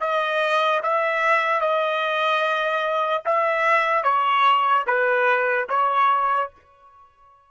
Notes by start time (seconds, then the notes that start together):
0.00 D#5
0.83 E5
1.61 D#5
3.25 E5
4.04 C#5
4.87 B4
5.69 C#5